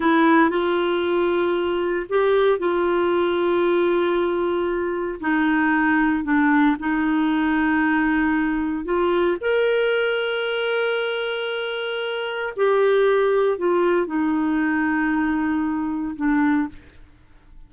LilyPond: \new Staff \with { instrumentName = "clarinet" } { \time 4/4 \tempo 4 = 115 e'4 f'2. | g'4 f'2.~ | f'2 dis'2 | d'4 dis'2.~ |
dis'4 f'4 ais'2~ | ais'1 | g'2 f'4 dis'4~ | dis'2. d'4 | }